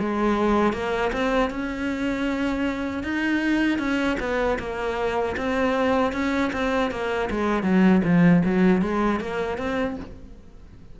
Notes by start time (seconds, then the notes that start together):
0.00 G#3
0.73 A#3
1.13 C4
1.51 C#4
3.03 D#4
3.79 C#4
4.20 B3
4.59 A#3
5.37 C4
6.13 C#4
6.53 C4
6.91 A#3
7.30 G#3
7.63 F#3
8.05 F3
8.45 F#3
8.82 G#3
9.20 A#3
9.58 C4